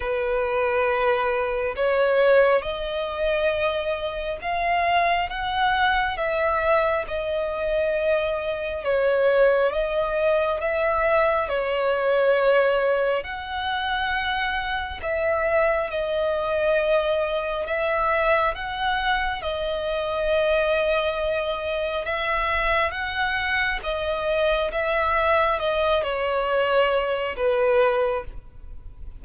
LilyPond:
\new Staff \with { instrumentName = "violin" } { \time 4/4 \tempo 4 = 68 b'2 cis''4 dis''4~ | dis''4 f''4 fis''4 e''4 | dis''2 cis''4 dis''4 | e''4 cis''2 fis''4~ |
fis''4 e''4 dis''2 | e''4 fis''4 dis''2~ | dis''4 e''4 fis''4 dis''4 | e''4 dis''8 cis''4. b'4 | }